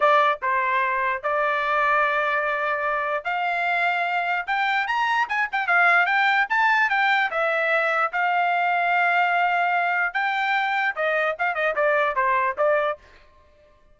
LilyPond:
\new Staff \with { instrumentName = "trumpet" } { \time 4/4 \tempo 4 = 148 d''4 c''2 d''4~ | d''1 | f''2. g''4 | ais''4 gis''8 g''8 f''4 g''4 |
a''4 g''4 e''2 | f''1~ | f''4 g''2 dis''4 | f''8 dis''8 d''4 c''4 d''4 | }